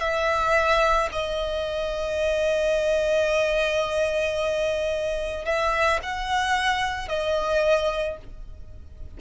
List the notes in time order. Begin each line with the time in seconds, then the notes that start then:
0.00 E5
1.12 D#5
5.45 E5
6.03 F#5
7.08 D#5